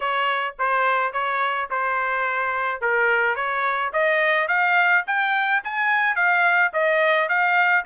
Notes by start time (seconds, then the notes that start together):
0.00 C#5
0.59 C5
1.12 C#5
1.70 C5
2.81 A#4
3.35 C#5
3.93 D#5
4.48 F5
5.06 G5
5.64 G#5
6.15 F5
6.73 D#5
7.28 F5